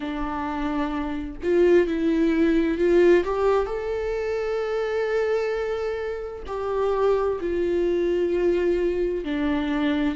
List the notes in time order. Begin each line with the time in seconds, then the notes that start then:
0.00 D4
1.43 F4
1.87 E4
2.77 F4
3.24 G4
3.66 A4
6.47 G4
7.40 F4
9.24 D4